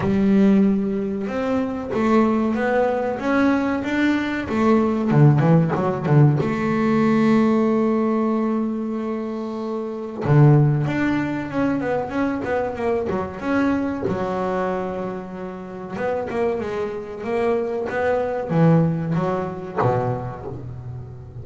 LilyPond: \new Staff \with { instrumentName = "double bass" } { \time 4/4 \tempo 4 = 94 g2 c'4 a4 | b4 cis'4 d'4 a4 | d8 e8 fis8 d8 a2~ | a1 |
d4 d'4 cis'8 b8 cis'8 b8 | ais8 fis8 cis'4 fis2~ | fis4 b8 ais8 gis4 ais4 | b4 e4 fis4 b,4 | }